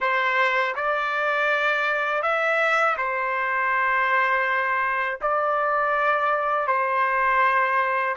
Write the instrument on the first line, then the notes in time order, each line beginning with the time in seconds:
trumpet
0.00 C5
0.75 D5
2.22 E5
2.97 C5
5.21 D5
6.67 C5